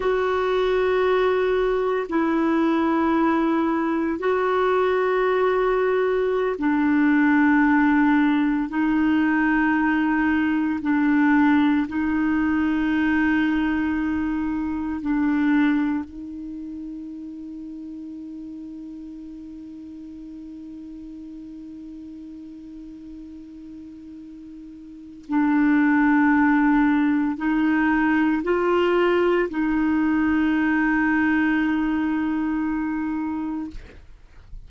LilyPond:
\new Staff \with { instrumentName = "clarinet" } { \time 4/4 \tempo 4 = 57 fis'2 e'2 | fis'2~ fis'16 d'4.~ d'16~ | d'16 dis'2 d'4 dis'8.~ | dis'2~ dis'16 d'4 dis'8.~ |
dis'1~ | dis'1 | d'2 dis'4 f'4 | dis'1 | }